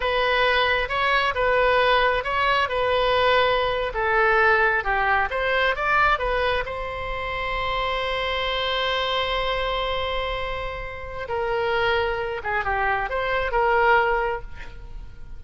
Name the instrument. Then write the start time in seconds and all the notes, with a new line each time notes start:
oboe
0.00 B4
0.88 C#5
1.35 B4
2.23 C#5
2.68 B4
3.94 A4
4.84 G4
5.30 C5
5.75 D5
6.18 B4
6.65 C5
11.28 A#4
12.43 G#4
12.64 G4
13.09 C5
13.51 A#4